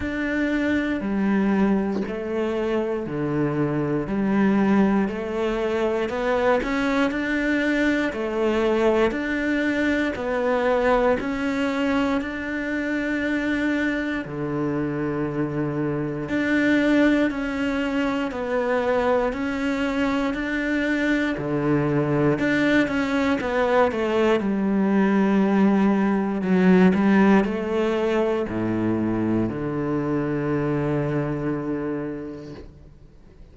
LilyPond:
\new Staff \with { instrumentName = "cello" } { \time 4/4 \tempo 4 = 59 d'4 g4 a4 d4 | g4 a4 b8 cis'8 d'4 | a4 d'4 b4 cis'4 | d'2 d2 |
d'4 cis'4 b4 cis'4 | d'4 d4 d'8 cis'8 b8 a8 | g2 fis8 g8 a4 | a,4 d2. | }